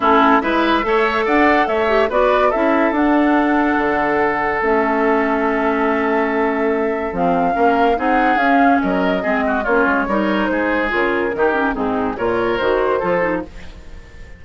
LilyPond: <<
  \new Staff \with { instrumentName = "flute" } { \time 4/4 \tempo 4 = 143 a'4 e''2 fis''4 | e''4 d''4 e''4 fis''4~ | fis''2. e''4~ | e''1~ |
e''4 f''2 fis''4 | f''4 dis''2 cis''4~ | cis''4 c''4 ais'2 | gis'4 cis''4 c''2 | }
  \new Staff \with { instrumentName = "oboe" } { \time 4/4 e'4 b'4 cis''4 d''4 | cis''4 b'4 a'2~ | a'1~ | a'1~ |
a'2 ais'4 gis'4~ | gis'4 ais'4 gis'8 fis'8 f'4 | ais'4 gis'2 g'4 | dis'4 ais'2 a'4 | }
  \new Staff \with { instrumentName = "clarinet" } { \time 4/4 cis'4 e'4 a'2~ | a'8 g'8 fis'4 e'4 d'4~ | d'2. cis'4~ | cis'1~ |
cis'4 c'4 cis'4 dis'4 | cis'2 c'4 cis'4 | dis'2 f'4 dis'8 cis'8 | c'4 f'4 fis'4 f'8 dis'8 | }
  \new Staff \with { instrumentName = "bassoon" } { \time 4/4 a4 gis4 a4 d'4 | a4 b4 cis'4 d'4~ | d'4 d2 a4~ | a1~ |
a4 f4 ais4 c'4 | cis'4 fis4 gis4 ais8 gis8 | g4 gis4 cis4 dis4 | gis,4 ais,4 dis4 f4 | }
>>